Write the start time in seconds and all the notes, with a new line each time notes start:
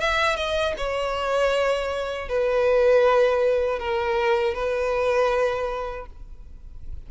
0.00 E5
0.36 D#5
0.77 C#5
2.28 B4
3.79 A#4
4.54 B4